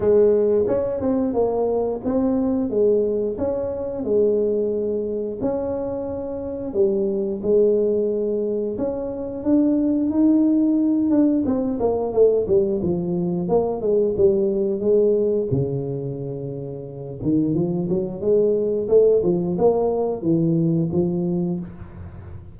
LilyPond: \new Staff \with { instrumentName = "tuba" } { \time 4/4 \tempo 4 = 89 gis4 cis'8 c'8 ais4 c'4 | gis4 cis'4 gis2 | cis'2 g4 gis4~ | gis4 cis'4 d'4 dis'4~ |
dis'8 d'8 c'8 ais8 a8 g8 f4 | ais8 gis8 g4 gis4 cis4~ | cis4. dis8 f8 fis8 gis4 | a8 f8 ais4 e4 f4 | }